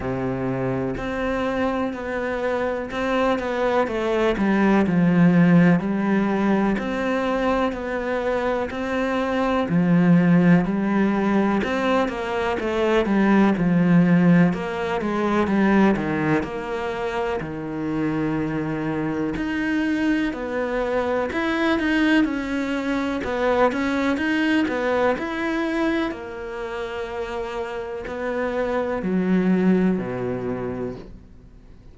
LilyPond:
\new Staff \with { instrumentName = "cello" } { \time 4/4 \tempo 4 = 62 c4 c'4 b4 c'8 b8 | a8 g8 f4 g4 c'4 | b4 c'4 f4 g4 | c'8 ais8 a8 g8 f4 ais8 gis8 |
g8 dis8 ais4 dis2 | dis'4 b4 e'8 dis'8 cis'4 | b8 cis'8 dis'8 b8 e'4 ais4~ | ais4 b4 fis4 b,4 | }